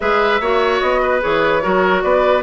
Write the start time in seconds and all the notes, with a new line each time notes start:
0.00 G#3 G#4 B4 E5
0.40 A#3 F#4 C#5
0.79 B3 D#5
1.02 B4
1.20 E3 G#4 C#5
1.61 F#3 F#4 A#4
2.02 B3 B4 D5